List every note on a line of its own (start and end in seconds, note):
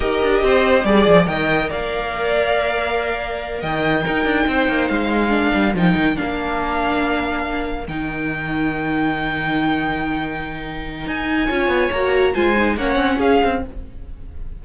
0.00 0.21 D#4
0.00 0.82 G4
0.00 0.43 A#4
0.00 0.84 D#5
0.22 0.42 D4
0.42 0.84 C4
0.42 0.85 C5
0.84 1.05 G3
0.84 1.25 G#4
0.84 1.26 D5
0.84 1.28 D5
1.06 1.26 F3
1.25 1.69 D#3
1.25 4.02 A#4
1.25 1.69 D#5
1.25 1.69 G5
1.69 3.62 A#3
1.69 3.60 D5
1.69 3.61 F5
3.60 4.05 D#3
3.60 4.03 D#5
3.60 4.88 G5
4.04 5.29 D#4
4.04 4.24 D#4
4.04 4.47 A#4
4.24 4.46 D4
4.47 4.68 C4
4.47 5.30 C5
4.68 4.89 A#3
4.88 5.53 G#3
4.88 5.73 F5
5.29 5.72 D4
5.29 11.46 A#4
5.53 5.74 G3
5.74 5.95 F3
5.74 6.15 D#4
5.74 6.16 G5
5.95 6.17 D#3
6.15 7.85 D4
6.15 7.86 F5
6.21 7.87 A#3
7.87 11.06 D#3
7.87 11.48 D#4
7.87 11.07 G5
11.06 11.48 D#4
11.06 11.92 G#5
11.46 11.67 C#4
11.46 11.91 F4
11.46 12.31 C#5
11.67 11.88 B3
11.92 12.34 A#3
11.92 12.34 F#4
11.92 12.34 A#5
12.34 12.76 G#3
12.34 12.55 F4
12.34 12.76 C5
12.34 12.77 G#5
12.56 12.77 D#4
12.76 12.95 A#3
12.76 13.63 C#4
12.76 13.16 C#5
12.76 13.20 F#5
12.95 13.16 C4
13.16 13.40 C#4
13.16 13.59 G#4
13.16 13.62 F5
13.43 13.65 C4